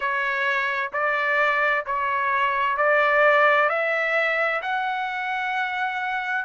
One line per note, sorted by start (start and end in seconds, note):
0.00 0.90 C#5
0.92 1.85 D5
1.85 2.77 C#5
2.77 3.69 D5
3.69 4.61 E5
4.62 6.45 F#5